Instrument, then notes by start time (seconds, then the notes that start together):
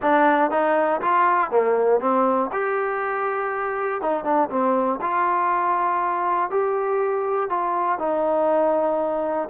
trombone
0.01 D4
0.50 D#4
1.01 F4
1.50 A#3
2.00 C4
2.52 G4
4.01 D#4
4.24 D4
4.49 C4
5.01 F4
6.50 G4
7.49 F4
7.98 D#4